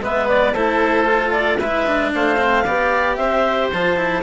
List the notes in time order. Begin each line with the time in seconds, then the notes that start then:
0.00 G#3 B3 B4 E5
0.28 D5
0.54 A3 E4 A4 C5
1.05 F4
1.32 D5
1.58 G#3 E4 B4 E5
1.87 D4
2.14 A3 C5 F5
2.37 C4
2.64 B3 G4 D5
3.16 C4 C5 E5
3.73 F3 F4 A5
3.97 E4